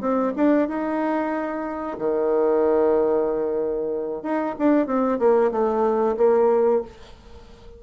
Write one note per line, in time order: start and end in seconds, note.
0.00 0.32 C4
0.36 0.68 D4
0.68 1.97 D#4
1.98 4.22 D#3
4.22 4.55 D#4
4.58 4.86 D4
4.86 5.18 C4
5.18 5.51 A#3
5.51 6.16 A3
6.17 6.81 A#3